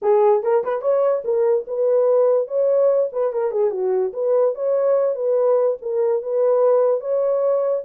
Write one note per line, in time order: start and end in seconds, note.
0.02 0.43 G#4
0.43 0.63 A#4
0.64 0.81 B4
0.81 1.23 C#5
1.24 1.65 A#4
1.67 2.47 B4
2.47 3.09 C#5
3.12 3.33 B4
3.33 3.51 A#4
3.51 3.70 G#4
3.70 4.12 F#4
4.13 4.54 B4
4.54 5.15 C#5
5.15 5.77 B4
5.81 6.22 A#4
6.22 7.00 B4
7.00 7.83 C#5